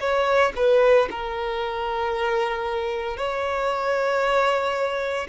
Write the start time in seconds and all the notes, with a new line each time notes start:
0.00 C#5
0.56 B4
1.11 A#4
3.17 C#5